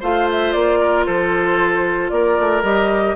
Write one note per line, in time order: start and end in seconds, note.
0.00 0.54 A3
0.00 2.63 F4
0.00 0.79 C5
0.00 0.29 F5
0.30 0.52 E5
0.52 1.07 A#3
0.52 1.05 D5
0.80 1.05 A#4
1.05 2.11 F3
1.05 2.11 A4
1.05 2.09 C5
2.09 2.37 A#3
2.09 3.15 A#4
2.09 2.62 D5
2.39 2.63 A3
2.63 3.15 G3
2.63 3.15 G4
2.63 3.15 D#5